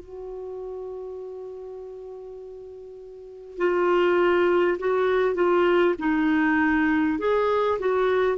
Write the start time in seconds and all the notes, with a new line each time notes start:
0.00 F#4
3.58 F4
4.79 F#4
5.36 F4
5.99 D#4
7.19 G#4
7.79 F#4